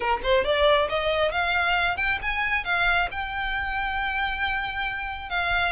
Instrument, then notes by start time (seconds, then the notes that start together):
violin
0.00 A#4
0.23 C5
0.44 D5
0.89 D#5
1.31 F5
1.97 G5
2.22 G#5
2.64 F5
3.11 G5
5.29 F5